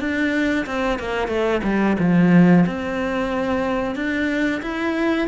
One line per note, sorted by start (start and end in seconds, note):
0.00 0.66 D4
0.66 0.99 C4
0.99 1.28 A#3
1.28 1.61 A3
1.63 1.96 G3
1.99 2.65 F3
2.66 3.95 C4
3.95 4.61 D4
4.62 5.28 E4